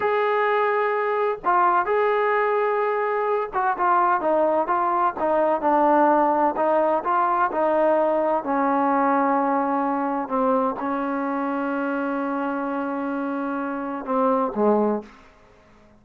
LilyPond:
\new Staff \with { instrumentName = "trombone" } { \time 4/4 \tempo 4 = 128 gis'2. f'4 | gis'2.~ gis'8 fis'8 | f'4 dis'4 f'4 dis'4 | d'2 dis'4 f'4 |
dis'2 cis'2~ | cis'2 c'4 cis'4~ | cis'1~ | cis'2 c'4 gis4 | }